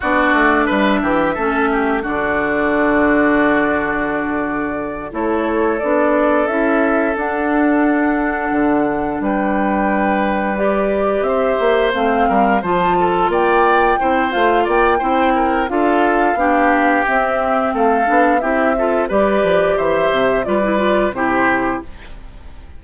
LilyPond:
<<
  \new Staff \with { instrumentName = "flute" } { \time 4/4 \tempo 4 = 88 d''4 e''2 d''4~ | d''2.~ d''8 cis''8~ | cis''8 d''4 e''4 fis''4.~ | fis''4. g''2 d''8~ |
d''8 e''4 f''4 a''4 g''8~ | g''4 f''8 g''4. f''4~ | f''4 e''4 f''4 e''4 | d''4 e''4 d''4 c''4 | }
  \new Staff \with { instrumentName = "oboe" } { \time 4/4 fis'4 b'8 g'8 a'8 g'8 fis'4~ | fis'2.~ fis'8 a'8~ | a'1~ | a'4. b'2~ b'8~ |
b'8 c''4. ais'8 c''8 a'8 d''8~ | d''8 c''4 d''8 c''8 ais'8 a'4 | g'2 a'4 g'8 a'8 | b'4 c''4 b'4 g'4 | }
  \new Staff \with { instrumentName = "clarinet" } { \time 4/4 d'2 cis'4 d'4~ | d'2.~ d'8 e'8~ | e'8 d'4 e'4 d'4.~ | d'2.~ d'8 g'8~ |
g'4. c'4 f'4.~ | f'8 e'8 f'4 e'4 f'4 | d'4 c'4. d'8 e'8 f'8 | g'2 f'16 e'16 f'8 e'4 | }
  \new Staff \with { instrumentName = "bassoon" } { \time 4/4 b8 a8 g8 e8 a4 d4~ | d2.~ d8 a8~ | a8 b4 cis'4 d'4.~ | d'8 d4 g2~ g8~ |
g8 c'8 ais8 a8 g8 f4 ais8~ | ais8 c'8 a8 ais8 c'4 d'4 | b4 c'4 a8 b8 c'4 | g8 f8 e8 c8 g4 c4 | }
>>